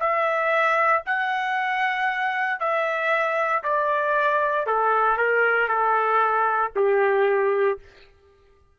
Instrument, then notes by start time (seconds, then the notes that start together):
trumpet
0.00 E5
1.06 F#5
2.60 E5
3.64 D5
4.67 A4
5.18 A#4
5.69 A4
6.76 G4